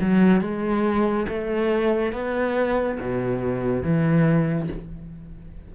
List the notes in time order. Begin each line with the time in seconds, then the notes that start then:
0.00 F#3
0.41 G#3
1.28 A3
2.12 B3
3.00 B2
3.83 E3